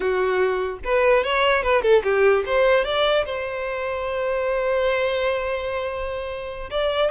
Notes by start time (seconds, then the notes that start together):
0.00 F#4
0.84 B4
1.23 C#5
1.62 B4
1.82 A4
2.03 G4
2.45 C5
2.84 D5
3.25 C5
6.70 D5